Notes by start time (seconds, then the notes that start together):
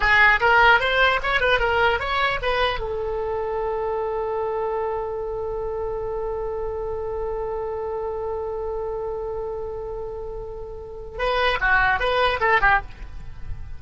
0.00 G#4
0.40 A#4
0.80 C5
1.22 C#5
1.40 B4
1.59 A#4
1.99 C#5
2.42 B4
2.79 A4
11.18 B4
11.60 F#4
11.99 B4
12.40 A4
12.61 G4